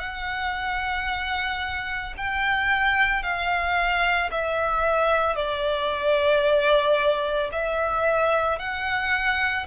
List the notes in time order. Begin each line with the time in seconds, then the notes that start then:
0.00 F#5
2.18 G5
3.23 F5
4.31 E5
5.36 D5
7.53 E5
8.60 F#5